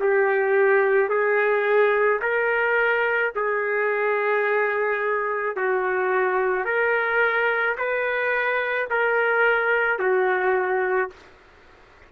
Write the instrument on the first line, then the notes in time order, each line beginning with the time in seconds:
trumpet
0.00 G4
1.10 G#4
2.22 A#4
3.36 G#4
5.56 F#4
6.65 A#4
7.78 B4
8.90 A#4
9.99 F#4